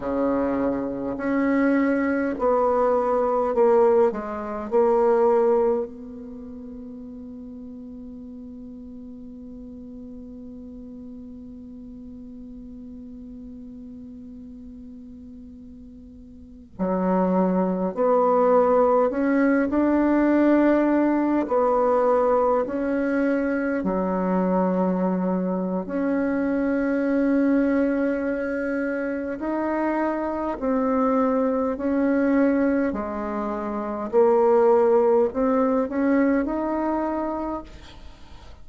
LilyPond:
\new Staff \with { instrumentName = "bassoon" } { \time 4/4 \tempo 4 = 51 cis4 cis'4 b4 ais8 gis8 | ais4 b2.~ | b1~ | b2~ b16 fis4 b8.~ |
b16 cis'8 d'4. b4 cis'8.~ | cis'16 fis4.~ fis16 cis'2~ | cis'4 dis'4 c'4 cis'4 | gis4 ais4 c'8 cis'8 dis'4 | }